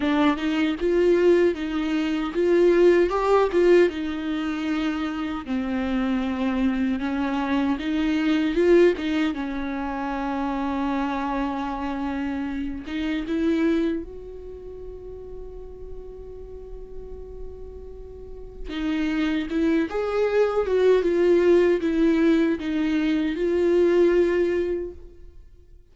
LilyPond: \new Staff \with { instrumentName = "viola" } { \time 4/4 \tempo 4 = 77 d'8 dis'8 f'4 dis'4 f'4 | g'8 f'8 dis'2 c'4~ | c'4 cis'4 dis'4 f'8 dis'8 | cis'1~ |
cis'8 dis'8 e'4 fis'2~ | fis'1 | dis'4 e'8 gis'4 fis'8 f'4 | e'4 dis'4 f'2 | }